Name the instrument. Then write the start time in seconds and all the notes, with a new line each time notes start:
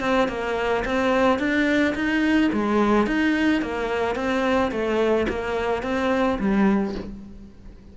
cello
0.00 C4
0.28 A#3
0.85 C4
1.39 D4
1.95 D#4
2.52 G#3
3.07 D#4
3.62 A#3
4.15 C4
4.71 A3
5.29 A#3
5.82 C4
6.39 G3